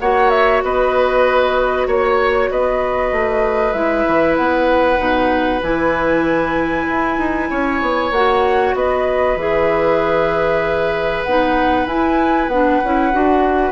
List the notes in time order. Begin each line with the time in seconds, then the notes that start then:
0.00 A#3 F#4 C#5 F#5
0.30 E5
0.63 B3 B4 D#5
1.87 A#3 C#5
2.51 B3 B4 D#5
3.12 A3
3.73 G#3 E4 E5
4.07 E3
4.36 B3 F#5
4.97 B2 D#4
5.62 E3 E4 G#5
6.88 E4
7.18 D#4
7.50 C#4 C#5
7.82 B3
8.11 A#3 F#4 F#5
8.74 B3 B4 D#5
9.36 E3 G#4 E5
11.23 B3 D#4 F#5
11.86 E4 G#5
12.47 B3 D4 F#5
12.84 C#4 E4
13.12 D4 F#4